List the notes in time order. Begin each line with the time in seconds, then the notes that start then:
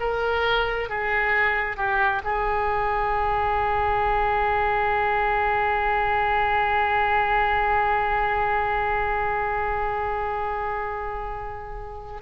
0.00 A#4
0.90 G#4
1.77 G4
2.24 G#4